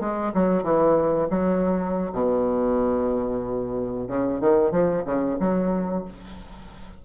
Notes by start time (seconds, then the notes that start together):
0.00 G#3
0.34 F#3
0.63 E3
1.30 F#3
2.13 B2
4.08 C#3
4.41 D#3
4.71 F3
5.05 C#3
5.40 F#3